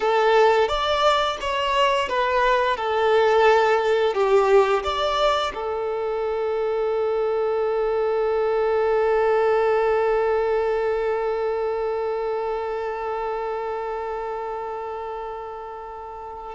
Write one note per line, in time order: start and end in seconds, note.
0.00 0.68 A4
0.68 1.37 D5
1.40 2.08 C#5
2.08 2.76 B4
2.76 4.14 A4
4.14 4.83 G4
4.83 5.52 D5
5.54 16.55 A4